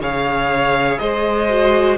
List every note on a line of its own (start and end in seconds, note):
0.00 0.98 C#3
0.00 1.49 G#4
0.00 1.00 C#5
0.00 0.99 F5
0.99 1.97 G#3
0.99 1.97 C5
0.99 1.97 D#5
1.49 1.97 F#4